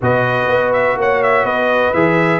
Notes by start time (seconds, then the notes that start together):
0.01 B2 F#4 B4 D#5
0.47 B3
0.72 E5
0.96 A#3 C#5 F#5
1.22 E5
1.43 B3 B4 D#5
1.93 E3 G#4 E5